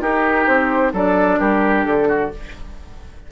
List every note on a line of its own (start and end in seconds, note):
0.00 0.46 D#4
0.00 0.94 D#4
0.00 0.92 G4
0.00 0.46 A#4
0.46 0.93 C4
0.46 0.92 C5
0.93 1.39 F#3
0.93 2.31 D4
0.93 1.39 A4
0.93 1.39 D5
1.39 1.85 G3
1.39 2.08 G4
1.39 1.85 A#4
1.85 2.31 D3
1.85 2.30 A4
2.08 2.31 F#4